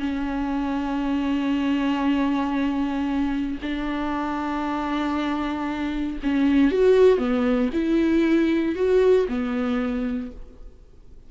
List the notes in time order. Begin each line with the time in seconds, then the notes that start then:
0.00 C#4
3.62 D4
6.23 C#4
6.72 F#4
7.19 B3
7.73 E4
8.76 F#4
9.29 B3